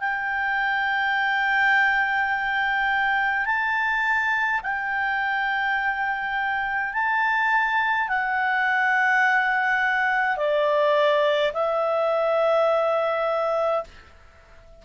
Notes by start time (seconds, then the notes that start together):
0.00 G5
3.46 A5
4.63 G5
6.93 A5
8.08 F#5
10.36 D5
11.53 E5